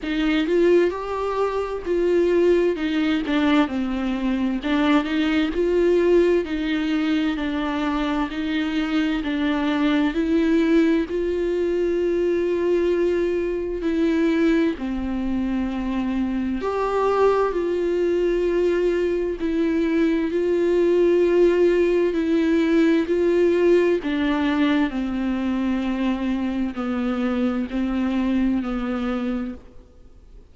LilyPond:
\new Staff \with { instrumentName = "viola" } { \time 4/4 \tempo 4 = 65 dis'8 f'8 g'4 f'4 dis'8 d'8 | c'4 d'8 dis'8 f'4 dis'4 | d'4 dis'4 d'4 e'4 | f'2. e'4 |
c'2 g'4 f'4~ | f'4 e'4 f'2 | e'4 f'4 d'4 c'4~ | c'4 b4 c'4 b4 | }